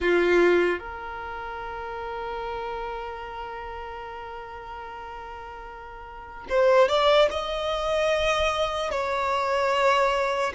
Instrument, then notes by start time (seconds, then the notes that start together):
violin
0.00 F4
0.79 A#4
6.49 C5
6.88 D5
7.30 D#5
8.90 C#5